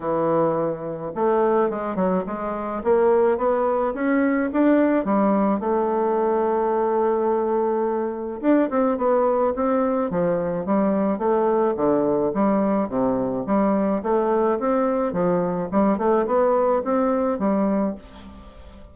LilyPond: \new Staff \with { instrumentName = "bassoon" } { \time 4/4 \tempo 4 = 107 e2 a4 gis8 fis8 | gis4 ais4 b4 cis'4 | d'4 g4 a2~ | a2. d'8 c'8 |
b4 c'4 f4 g4 | a4 d4 g4 c4 | g4 a4 c'4 f4 | g8 a8 b4 c'4 g4 | }